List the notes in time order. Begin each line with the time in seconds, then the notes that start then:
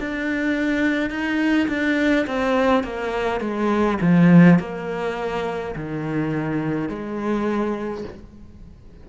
0.00 D4
1.10 D#4
1.68 D4
2.27 C4
2.83 A#3
3.40 G#3
4.01 F3
4.59 A#3
5.75 D#3
6.89 G#3